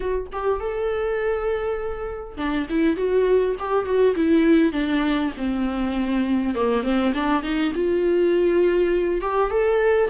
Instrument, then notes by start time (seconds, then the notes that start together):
viola
0.00 F#4
0.32 G4
0.60 A4
2.37 D4
2.69 E4
2.96 F#4
3.59 G4
3.85 F#4
4.15 E4
4.72 D4
5.37 C4
6.55 A#3
6.83 C4
7.14 D4
7.42 D#4
7.74 F4
9.21 G4
9.50 A4